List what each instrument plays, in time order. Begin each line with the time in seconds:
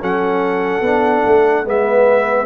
0.00 tuba F#3, trombone C#4, horn A4, trumpet F#5
0.81 tuba B3, trombone D4
1.26 tuba A3
1.64 tuba G#3, trombone B3, horn B4, trumpet E5